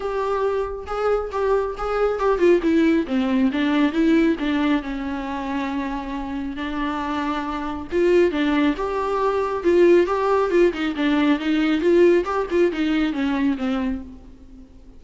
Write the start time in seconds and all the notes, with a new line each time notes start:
0.00 G4
0.86 G#4
1.31 G4
1.77 G#4
2.19 G4
2.38 F4
2.62 E4
3.07 C4
3.52 D4
3.92 E4
4.39 D4
4.82 C#4
6.56 D4
7.91 F4
8.31 D4
8.77 G4
9.63 F4
10.06 G4
10.50 F4
10.73 D#4
10.96 D4
11.39 D#4
11.80 F4
12.24 G4
12.50 F4
12.72 D#4
13.12 C#4
13.57 C4